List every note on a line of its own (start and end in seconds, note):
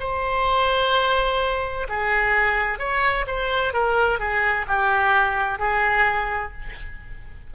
0.00 1.87 C5
1.89 2.79 G#4
2.79 3.26 C#5
3.27 3.73 C5
3.73 4.19 A#4
4.19 4.66 G#4
4.67 5.59 G4
5.59 6.52 G#4